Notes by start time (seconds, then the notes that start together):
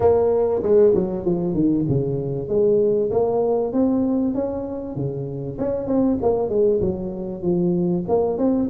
0.00 A#3
0.62 G#3
0.94 F#3
1.25 F3
1.54 D#3
1.88 C#3
2.48 G#3
3.11 A#3
3.73 C4
4.34 C#4
4.95 C#3
5.58 C#4
5.87 C4
6.22 A#3
6.49 G#3
6.80 F#3
7.42 F3
8.08 A#3
8.38 C4